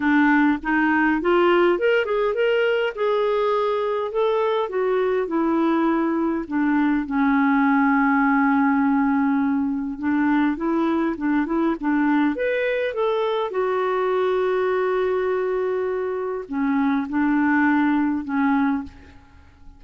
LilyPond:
\new Staff \with { instrumentName = "clarinet" } { \time 4/4 \tempo 4 = 102 d'4 dis'4 f'4 ais'8 gis'8 | ais'4 gis'2 a'4 | fis'4 e'2 d'4 | cis'1~ |
cis'4 d'4 e'4 d'8 e'8 | d'4 b'4 a'4 fis'4~ | fis'1 | cis'4 d'2 cis'4 | }